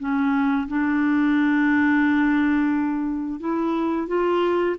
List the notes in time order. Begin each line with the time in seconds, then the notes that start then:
0.00 C#4
0.68 D4
3.40 E4
4.08 F4